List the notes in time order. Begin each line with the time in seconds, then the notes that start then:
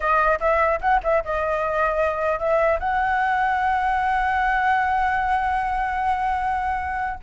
0.00 D#5
0.40 E5
0.81 F#5
1.03 E5
1.24 D#5
2.39 E5
2.79 F#5